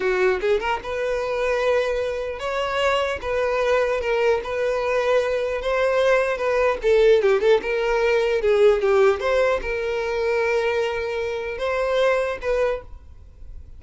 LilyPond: \new Staff \with { instrumentName = "violin" } { \time 4/4 \tempo 4 = 150 fis'4 gis'8 ais'8 b'2~ | b'2 cis''2 | b'2 ais'4 b'4~ | b'2 c''2 |
b'4 a'4 g'8 a'8 ais'4~ | ais'4 gis'4 g'4 c''4 | ais'1~ | ais'4 c''2 b'4 | }